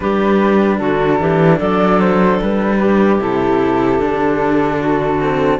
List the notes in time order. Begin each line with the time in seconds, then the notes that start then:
0.00 G3 D4 G4 B4
0.78 D3 F#4 A4
1.19 E3 G4
1.57 F#3 A4 D5
2.00 C5
2.41 G3 B4
2.79 G4
3.19 C3 E4 A4
3.99 D3 D4
4.79 F#4
5.20 C4